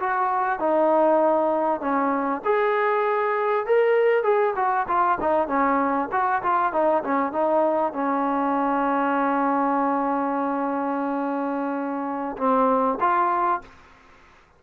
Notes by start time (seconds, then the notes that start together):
0.00 F#4
0.60 D#4
1.81 C#4
2.45 G#4
3.66 A#4
4.24 G#4
4.56 F#4
4.88 F4
5.20 D#4
5.48 C#4
6.12 F#4
6.43 F4
6.73 D#4
7.03 C#4
7.32 D#4
7.93 C#4
12.37 C4
13.00 F4